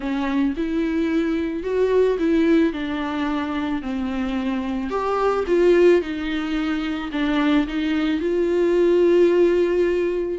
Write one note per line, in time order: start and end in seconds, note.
0.00 0.54 C#4
0.57 1.63 E4
1.63 2.17 F#4
2.18 2.72 E4
2.72 3.82 D4
3.82 4.90 C4
4.90 5.44 G4
5.47 6.01 F4
6.01 7.10 D#4
7.12 7.66 D4
7.67 8.20 D#4
8.20 10.38 F4